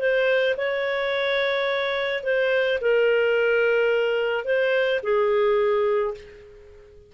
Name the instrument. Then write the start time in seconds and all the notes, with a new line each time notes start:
clarinet
0.00 C5
0.57 C#5
2.24 C5
2.82 A#4
4.45 C5
5.04 G#4